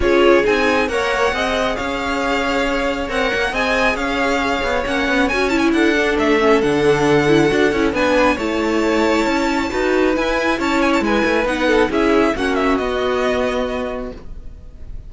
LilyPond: <<
  \new Staff \with { instrumentName = "violin" } { \time 4/4 \tempo 4 = 136 cis''4 gis''4 fis''2 | f''2. fis''4 | gis''4 f''2 fis''4 | gis''8 a''16 gis''16 fis''4 e''4 fis''4~ |
fis''2 gis''4 a''4~ | a''2. gis''4 | a''8 gis''16 a''16 gis''4 fis''4 e''4 | fis''8 e''8 dis''2. | }
  \new Staff \with { instrumentName = "violin" } { \time 4/4 gis'2 cis''4 dis''4 | cis''1 | dis''4 cis''2.~ | cis''4 a'2.~ |
a'2 b'4 cis''4~ | cis''2 b'2 | cis''4 b'4. a'8 gis'4 | fis'1 | }
  \new Staff \with { instrumentName = "viola" } { \time 4/4 f'4 dis'4 ais'4 gis'4~ | gis'2. ais'4 | gis'2. cis'4 | fis'8 e'4 d'4 cis'8 d'4~ |
d'8 e'8 fis'8 e'8 d'4 e'4~ | e'2 fis'4 e'4~ | e'2 dis'4 e'4 | cis'4 b2. | }
  \new Staff \with { instrumentName = "cello" } { \time 4/4 cis'4 c'4 ais4 c'4 | cis'2. c'8 ais8 | c'4 cis'4. b8 ais8 b8 | cis'4 d'4 a4 d4~ |
d4 d'8 cis'8 b4 a4~ | a4 cis'4 dis'4 e'4 | cis'4 gis8 a8 b4 cis'4 | ais4 b2. | }
>>